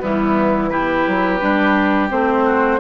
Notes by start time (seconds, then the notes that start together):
0.00 E3 G3 B3 E4
0.69 E4 G4 B4
1.07 F#3
1.41 G3 D4
2.10 A3 C4 C5
2.45 F#4